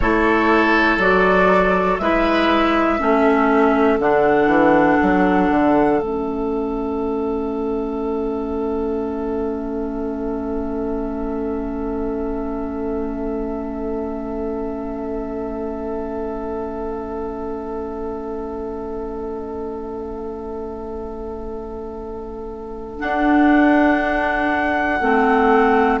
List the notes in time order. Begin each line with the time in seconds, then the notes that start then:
0.00 A3 E4 A4 C#5
0.97 F#3 F#4 D5
1.98 G#3 E4 B4 E5
2.98 A3 C#4 A4
3.99 D3 D4 F#5
4.46 E3
5.01 F#3
5.50 D3
6.00 A3 C#4 E5
22.99 D4 F#5
25.00 A3 C4